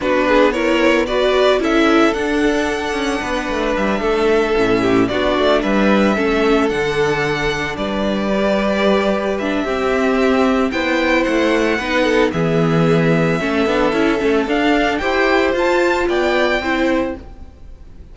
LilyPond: <<
  \new Staff \with { instrumentName = "violin" } { \time 4/4 \tempo 4 = 112 b'4 cis''4 d''4 e''4 | fis''2. e''4~ | e''4. d''4 e''4.~ | e''8 fis''2 d''4.~ |
d''4. e''2~ e''8 | g''4 fis''2 e''4~ | e''2. f''4 | g''4 a''4 g''2 | }
  \new Staff \with { instrumentName = "violin" } { \time 4/4 fis'8 gis'8 ais'4 b'4 a'4~ | a'2 b'4. a'8~ | a'4 g'8 fis'4 b'4 a'8~ | a'2~ a'8 b'4.~ |
b'2 g'2 | c''2 b'8 a'8 gis'4~ | gis'4 a'2. | c''2 d''4 c''4 | }
  \new Staff \with { instrumentName = "viola" } { \time 4/4 d'4 e'4 fis'4 e'4 | d'1~ | d'8 cis'4 d'2 cis'8~ | cis'8 d'2. g'8~ |
g'4. d'8 c'2 | e'2 dis'4 b4~ | b4 cis'8 d'8 e'8 cis'8 d'4 | g'4 f'2 e'4 | }
  \new Staff \with { instrumentName = "cello" } { \time 4/4 b2. cis'4 | d'4. cis'8 b8 a8 g8 a8~ | a8 a,4 b8 a8 g4 a8~ | a8 d2 g4.~ |
g2 c'2 | b4 a4 b4 e4~ | e4 a8 b8 cis'8 a8 d'4 | e'4 f'4 b4 c'4 | }
>>